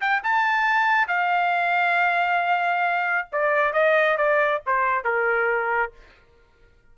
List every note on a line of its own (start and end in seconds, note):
0.00 0.22 G5
0.23 1.07 A5
1.07 3.28 F5
3.32 3.73 D5
3.73 4.17 D#5
4.17 4.61 D5
4.66 5.04 C5
5.04 5.92 A#4